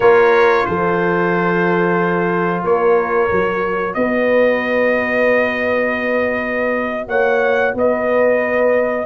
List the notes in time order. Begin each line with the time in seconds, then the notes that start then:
0.00 A#3 F4 A#4 C#5
0.65 F3 A4 C5
2.63 A#3 A#4 C#5
3.30 F#3 F#4
3.93 B3 B4 D#5
7.07 A#3 C#5 F#5
7.74 B3 B4 D#5